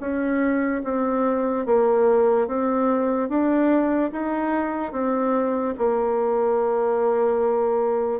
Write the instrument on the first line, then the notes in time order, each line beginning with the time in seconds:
bassoon
0.00 C#4
0.84 C4
1.66 A#3
2.47 C4
3.29 D4
4.11 D#4
4.92 C4
5.78 A#3